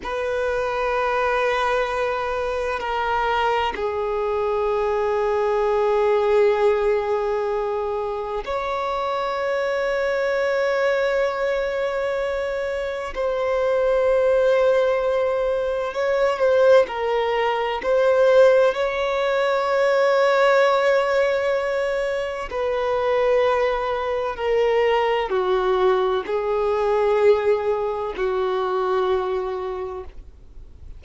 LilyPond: \new Staff \with { instrumentName = "violin" } { \time 4/4 \tempo 4 = 64 b'2. ais'4 | gis'1~ | gis'4 cis''2.~ | cis''2 c''2~ |
c''4 cis''8 c''8 ais'4 c''4 | cis''1 | b'2 ais'4 fis'4 | gis'2 fis'2 | }